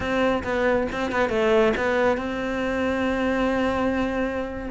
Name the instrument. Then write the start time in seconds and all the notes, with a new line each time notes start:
cello
0.00 C4
0.43 B3
0.92 C4
1.11 B3
1.29 A3
1.76 B3
2.17 C4